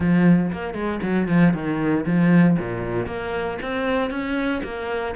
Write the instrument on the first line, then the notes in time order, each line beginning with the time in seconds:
cello
0.00 F3
0.52 A#3
0.74 G#3
1.02 F#3
1.28 F3
1.53 D#3
2.06 F3
2.59 A#2
3.06 A#3
3.62 C4
4.10 C#4
4.63 A#3